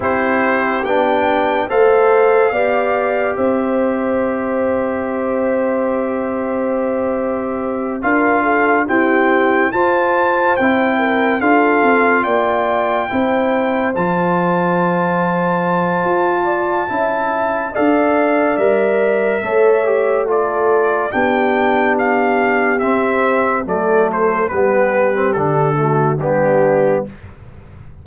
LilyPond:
<<
  \new Staff \with { instrumentName = "trumpet" } { \time 4/4 \tempo 4 = 71 c''4 g''4 f''2 | e''1~ | e''4. f''4 g''4 a''8~ | a''8 g''4 f''4 g''4.~ |
g''8 a''2.~ a''8~ | a''4 f''4 e''2 | d''4 g''4 f''4 e''4 | d''8 c''8 b'4 a'4 g'4 | }
  \new Staff \with { instrumentName = "horn" } { \time 4/4 g'2 c''4 d''4 | c''1~ | c''4. ais'8 a'8 g'4 c''8~ | c''4 ais'8 a'4 d''4 c''8~ |
c''2.~ c''8 d''8 | e''4 d''2 cis''4 | a'4 g'2. | a'4 g'4. fis'8 d'4 | }
  \new Staff \with { instrumentName = "trombone" } { \time 4/4 e'4 d'4 a'4 g'4~ | g'1~ | g'4. f'4 c'4 f'8~ | f'8 e'4 f'2 e'8~ |
e'8 f'2.~ f'8 | e'4 a'4 ais'4 a'8 g'8 | f'4 d'2 c'4 | a4 b8. c'16 d'8 a8 b4 | }
  \new Staff \with { instrumentName = "tuba" } { \time 4/4 c'4 b4 a4 b4 | c'1~ | c'4. d'4 e'4 f'8~ | f'8 c'4 d'8 c'8 ais4 c'8~ |
c'8 f2~ f8 f'4 | cis'4 d'4 g4 a4~ | a4 b2 c'4 | fis4 g4 d4 g4 | }
>>